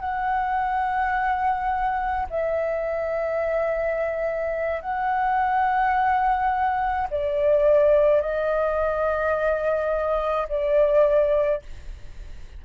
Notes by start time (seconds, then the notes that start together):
0.00 F#5
2.30 E5
4.81 F#5
7.10 D5
8.21 D#5
10.49 D5